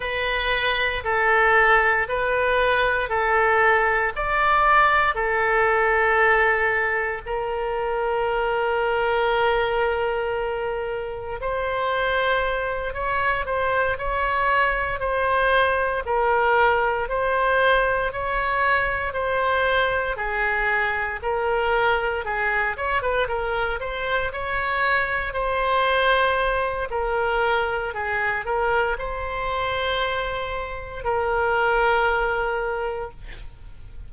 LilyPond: \new Staff \with { instrumentName = "oboe" } { \time 4/4 \tempo 4 = 58 b'4 a'4 b'4 a'4 | d''4 a'2 ais'4~ | ais'2. c''4~ | c''8 cis''8 c''8 cis''4 c''4 ais'8~ |
ais'8 c''4 cis''4 c''4 gis'8~ | gis'8 ais'4 gis'8 cis''16 b'16 ais'8 c''8 cis''8~ | cis''8 c''4. ais'4 gis'8 ais'8 | c''2 ais'2 | }